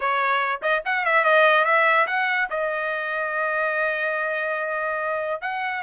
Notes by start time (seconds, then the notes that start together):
0.00 C#5
0.62 D#5
0.85 F#5
1.05 E5
1.24 D#5
1.64 E5
2.06 F#5
2.50 D#5
5.41 F#5